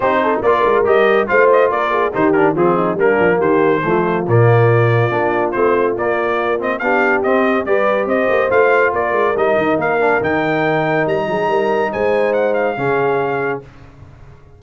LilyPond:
<<
  \new Staff \with { instrumentName = "trumpet" } { \time 4/4 \tempo 4 = 141 c''4 d''4 dis''4 f''8 dis''8 | d''4 c''8 ais'8 gis'4 ais'4 | c''2 d''2~ | d''4 c''4 d''4. dis''8 |
f''4 dis''4 d''4 dis''4 | f''4 d''4 dis''4 f''4 | g''2 ais''2 | gis''4 fis''8 f''2~ f''8 | }
  \new Staff \with { instrumentName = "horn" } { \time 4/4 g'8 a'8 ais'2 c''4 | ais'8 gis'8 g'4 f'8 dis'8 d'4 | g'4 f'2.~ | f'1 |
g'2 b'4 c''4~ | c''4 ais'2.~ | ais'2~ ais'8 gis'8 ais'4 | c''2 gis'2 | }
  \new Staff \with { instrumentName = "trombone" } { \time 4/4 dis'4 f'4 g'4 f'4~ | f'4 dis'8 d'8 c'4 ais4~ | ais4 a4 ais2 | d'4 c'4 ais4. c'8 |
d'4 c'4 g'2 | f'2 dis'4. d'8 | dis'1~ | dis'2 cis'2 | }
  \new Staff \with { instrumentName = "tuba" } { \time 4/4 c'4 ais8 gis8 g4 a4 | ais4 dis4 f4 g8 f8 | dis4 f4 ais,2 | ais4 a4 ais2 |
b4 c'4 g4 c'8 ais8 | a4 ais8 gis8 g8 dis8 ais4 | dis2 g8 fis8 g4 | gis2 cis2 | }
>>